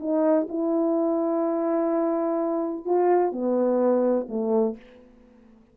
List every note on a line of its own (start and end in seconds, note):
0.00 0.48 D#4
0.49 2.86 E4
2.86 3.32 F4
3.32 4.28 B3
4.29 4.77 A3